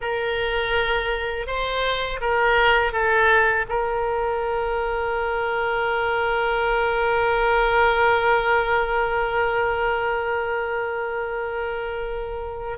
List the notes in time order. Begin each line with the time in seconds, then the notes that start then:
0.01 A#4
1.46 C5
2.20 A#4
2.92 A4
3.68 A#4